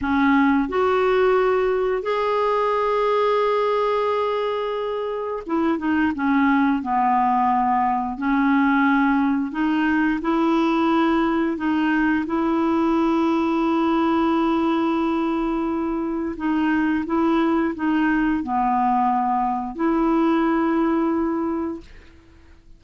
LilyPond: \new Staff \with { instrumentName = "clarinet" } { \time 4/4 \tempo 4 = 88 cis'4 fis'2 gis'4~ | gis'1 | e'8 dis'8 cis'4 b2 | cis'2 dis'4 e'4~ |
e'4 dis'4 e'2~ | e'1 | dis'4 e'4 dis'4 b4~ | b4 e'2. | }